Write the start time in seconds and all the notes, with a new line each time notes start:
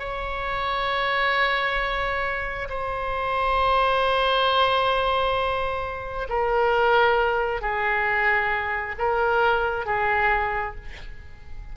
0.00 C#5
2.70 C5
6.29 A#4
7.62 G#4
8.98 A#4
9.86 G#4